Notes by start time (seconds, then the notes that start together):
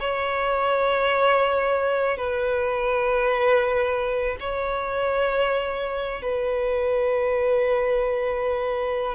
0.00 C#5
2.18 B4
4.40 C#5
6.22 B4